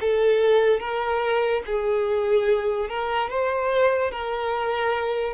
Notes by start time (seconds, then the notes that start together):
0.00 A4
0.80 A#4
1.66 G#4
2.89 A#4
3.30 C5
4.11 A#4